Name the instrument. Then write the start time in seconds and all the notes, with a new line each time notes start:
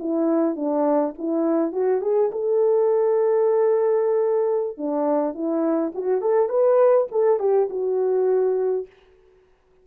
horn
0.00 E4
0.56 D4
1.19 E4
1.73 F#4
2.02 G#4
2.32 A4
4.78 D4
5.35 E4
5.95 F#4
6.22 A4
6.50 B4
7.12 A4
7.40 G4
7.71 F#4